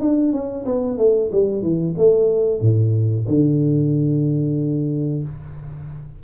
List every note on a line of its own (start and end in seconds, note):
0.00 0.32 D4
0.32 0.65 C#4
0.65 0.98 B3
0.98 1.30 A3
1.32 1.62 G3
1.62 1.94 E3
1.97 2.61 A3
2.61 3.26 A2
3.27 5.23 D3